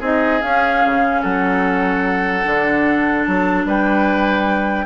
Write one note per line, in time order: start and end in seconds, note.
0.00 0.41 C4
0.00 0.41 D#4
0.00 1.22 G#4
0.00 0.42 D#5
0.41 2.44 C#4
0.41 0.85 C#4
0.41 1.23 F5
0.85 1.24 C#3
1.22 2.46 F#3
1.22 3.66 A4
1.22 3.25 F#5
2.44 3.27 D3
2.44 4.86 D4
3.25 3.66 F#3
3.25 3.65 A5
3.66 4.86 G3
3.66 4.86 B4
3.66 4.86 G5